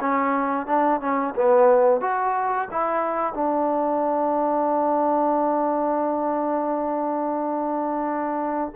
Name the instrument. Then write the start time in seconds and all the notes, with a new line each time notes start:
trombone
0.00 C#4
0.66 D4
1.00 C#4
1.35 B3
2.01 F#4
2.71 E4
3.33 D4